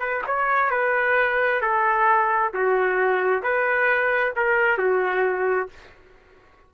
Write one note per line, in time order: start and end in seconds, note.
0.00 0.23 B4
0.27 0.71 C#5
0.71 1.62 B4
1.62 2.53 A4
2.54 3.43 F#4
3.43 4.34 B4
4.37 4.78 A#4
4.78 5.69 F#4